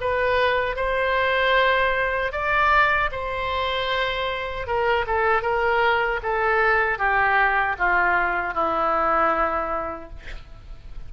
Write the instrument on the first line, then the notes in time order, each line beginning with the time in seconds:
oboe
0.00 B4
0.76 C5
2.32 D5
3.11 C5
4.66 A#4
5.06 A4
5.42 A#4
6.22 A4
6.98 G4
7.78 F4
8.54 E4